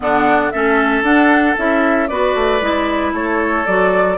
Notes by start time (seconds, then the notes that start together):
0.00 D3 B3 D4 F#5
0.51 A3 C#4 A4 E5
1.02 D4 F#5
1.57 C#4 E4 E5
2.07 B3 F#4 B4 D5
2.35 A3
2.60 G#3 E4
3.13 A3 A4 C#5
3.66 F#3 F#4 D5